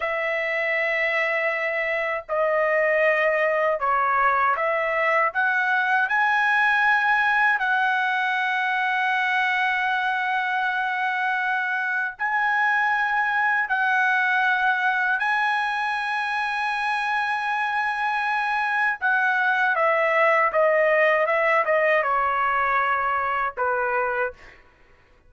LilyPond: \new Staff \with { instrumentName = "trumpet" } { \time 4/4 \tempo 4 = 79 e''2. dis''4~ | dis''4 cis''4 e''4 fis''4 | gis''2 fis''2~ | fis''1 |
gis''2 fis''2 | gis''1~ | gis''4 fis''4 e''4 dis''4 | e''8 dis''8 cis''2 b'4 | }